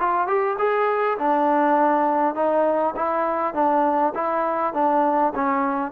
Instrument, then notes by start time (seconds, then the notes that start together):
trombone
0.00 F4
0.28 G4
0.59 G#4
1.19 D4
2.35 D#4
2.96 E4
3.54 D4
4.15 E4
4.74 D4
5.35 C#4